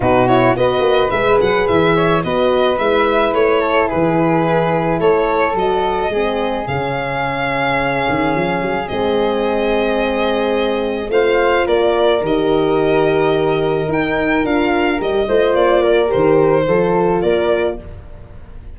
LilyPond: <<
  \new Staff \with { instrumentName = "violin" } { \time 4/4 \tempo 4 = 108 b'8 cis''8 dis''4 e''8 fis''8 e''4 | dis''4 e''4 cis''4 b'4~ | b'4 cis''4 dis''2 | f''1 |
dis''1 | f''4 d''4 dis''2~ | dis''4 g''4 f''4 dis''4 | d''4 c''2 d''4 | }
  \new Staff \with { instrumentName = "flute" } { \time 4/4 fis'4 b'2~ b'8 cis''8 | b'2~ b'8 a'8 gis'4~ | gis'4 a'2 gis'4~ | gis'1~ |
gis'1 | c''4 ais'2.~ | ais'2.~ ais'8 c''8~ | c''8 ais'4. a'4 ais'4 | }
  \new Staff \with { instrumentName = "horn" } { \time 4/4 dis'8 e'8 fis'4 gis'2 | fis'4 e'2.~ | e'2 fis'4 c'4 | cis'1 |
c'1 | f'2 g'2~ | g'4 dis'4 f'4 g'8 f'8~ | f'4 g'4 f'2 | }
  \new Staff \with { instrumentName = "tuba" } { \time 4/4 b,4 b8 ais8 gis8 fis8 e4 | b4 gis4 a4 e4~ | e4 a4 fis4 gis4 | cis2~ cis8 dis8 f8 fis8 |
gis1 | a4 ais4 dis2~ | dis4 dis'4 d'4 g8 a8 | ais4 dis4 f4 ais4 | }
>>